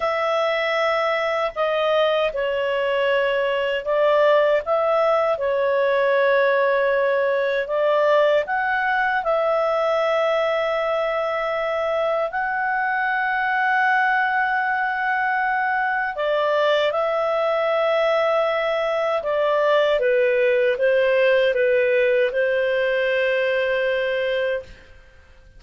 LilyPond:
\new Staff \with { instrumentName = "clarinet" } { \time 4/4 \tempo 4 = 78 e''2 dis''4 cis''4~ | cis''4 d''4 e''4 cis''4~ | cis''2 d''4 fis''4 | e''1 |
fis''1~ | fis''4 d''4 e''2~ | e''4 d''4 b'4 c''4 | b'4 c''2. | }